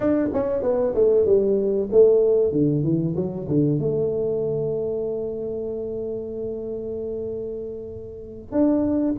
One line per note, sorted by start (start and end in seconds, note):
0.00 0.28 D4
0.33 0.62 C#4
0.62 0.94 B3
0.94 1.25 A3
1.25 1.88 G3
1.91 2.51 A3
2.51 2.83 D3
2.83 3.15 E3
3.16 3.47 F#3
3.48 3.79 D3
3.79 8.51 A3
8.51 9.14 D4